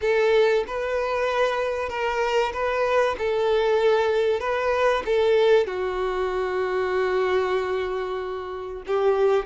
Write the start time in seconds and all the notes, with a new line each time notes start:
0.01 A4
0.67 B4
1.89 A#4
2.53 B4
3.18 A4
4.40 B4
5.05 A4
5.67 F#4
8.87 G4